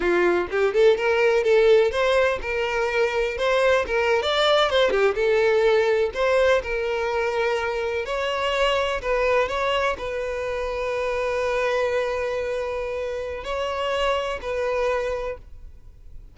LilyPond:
\new Staff \with { instrumentName = "violin" } { \time 4/4 \tempo 4 = 125 f'4 g'8 a'8 ais'4 a'4 | c''4 ais'2 c''4 | ais'8. d''4 c''8 g'8 a'4~ a'16~ | a'8. c''4 ais'2~ ais'16~ |
ais'8. cis''2 b'4 cis''16~ | cis''8. b'2.~ b'16~ | b'1 | cis''2 b'2 | }